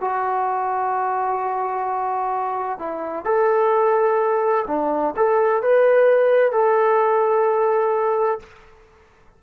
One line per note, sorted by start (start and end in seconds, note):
0.00 2.78 F#4
2.78 3.24 E4
3.24 4.65 A4
4.67 5.14 D4
5.16 5.62 A4
5.62 6.52 B4
6.52 8.39 A4